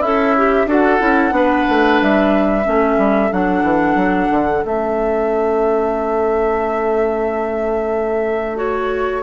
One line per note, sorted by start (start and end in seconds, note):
0.00 0.66 C#4
0.00 0.66 E4
0.00 0.36 A4
0.00 0.68 E5
0.37 0.67 G4
0.66 0.99 D4
0.66 1.00 F#4
0.66 1.34 A4
0.66 2.02 F#5
1.00 1.31 C#4
1.00 1.30 E4
1.30 1.64 B3
1.30 2.62 D4
1.30 2.66 B4
1.69 2.02 A3
2.02 2.66 G3
2.02 3.32 E5
2.64 2.98 A3
2.64 3.30 C#4
2.64 9.23 A4
2.98 3.30 G3
3.32 3.62 F#3
3.32 4.63 D4
3.32 4.64 F#5
3.62 3.95 E3
3.95 4.28 F#3
4.31 4.64 D3
4.63 9.23 A3
4.63 8.56 C#4
4.63 8.58 E5
8.56 9.22 F#4
8.56 9.23 C#5